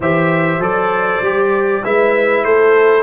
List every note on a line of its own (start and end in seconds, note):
0.00 0.59 E3
0.00 0.60 G4
0.00 1.83 C5
0.00 0.62 E5
0.59 1.20 F#3
0.59 1.21 A4
0.59 1.84 D5
1.21 1.82 G3
1.21 1.83 G4
1.83 2.44 G#3
1.83 3.02 E4
1.83 2.45 B4
1.83 2.44 E5
2.44 3.02 A3
2.44 3.02 A4
2.44 3.02 C5